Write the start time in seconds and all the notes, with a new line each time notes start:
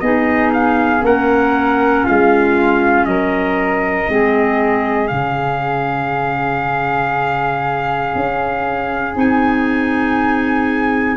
0.00 B3 D#4 G#4 D#5
0.53 F5
1.00 A#3 C#4 A#4 F#5
2.04 G#3 F4 F5
3.05 F#3 A#4 D#5
4.08 G#3 C4 G#4
5.07 C#3 C#4 F5
8.15 C#4
9.15 C4 D#4 G#5